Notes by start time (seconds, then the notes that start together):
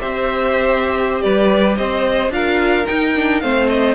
0.00 C4 G4 C5 E5
1.22 G3 B4 D5
1.77 C4 C5 D#5
2.30 D4 F4 A#4 F5
2.86 D#4 G5
3.16 D4
3.40 A3 C4 C5 F5
3.69 D#5